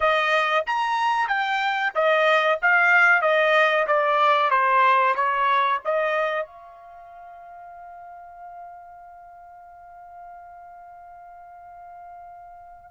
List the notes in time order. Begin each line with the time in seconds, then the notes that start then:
0.00 D#5
0.66 A#5
1.28 G5
1.94 D#5
2.62 F5
3.21 D#5
3.87 D5
4.50 C5
5.15 C#5
5.84 D#5
6.45 F5